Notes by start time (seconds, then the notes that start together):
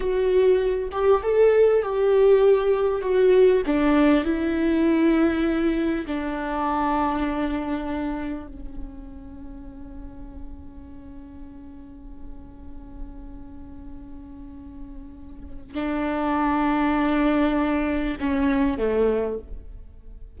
0.00 F#4
0.91 G4
1.22 A4
1.82 G4
3.01 F#4
3.65 D4
4.24 E4
6.07 D4
8.47 C#4
15.74 D4
18.20 C#4
18.77 A3